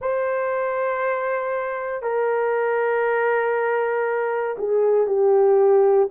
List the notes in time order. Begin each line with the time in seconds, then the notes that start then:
0.00 C5
2.02 A#4
4.58 G#4
5.07 G4